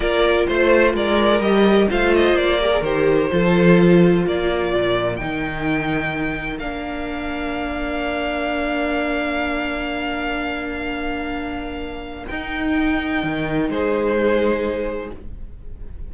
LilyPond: <<
  \new Staff \with { instrumentName = "violin" } { \time 4/4 \tempo 4 = 127 d''4 c''4 d''4 dis''4 | f''8 dis''8 d''4 c''2~ | c''4 d''2 g''4~ | g''2 f''2~ |
f''1~ | f''1~ | f''2 g''2~ | g''4 c''2. | }
  \new Staff \with { instrumentName = "violin" } { \time 4/4 ais'4 c''4 ais'2 | c''4. ais'4. a'4~ | a'4 ais'2.~ | ais'1~ |
ais'1~ | ais'1~ | ais'1~ | ais'4 gis'2. | }
  \new Staff \with { instrumentName = "viola" } { \time 4/4 f'2. g'4 | f'4. g'16 gis'16 g'4 f'4~ | f'2. dis'4~ | dis'2 d'2~ |
d'1~ | d'1~ | d'2 dis'2~ | dis'1 | }
  \new Staff \with { instrumentName = "cello" } { \time 4/4 ais4 a4 gis4 g4 | a4 ais4 dis4 f4~ | f4 ais4 ais,4 dis4~ | dis2 ais2~ |
ais1~ | ais1~ | ais2 dis'2 | dis4 gis2. | }
>>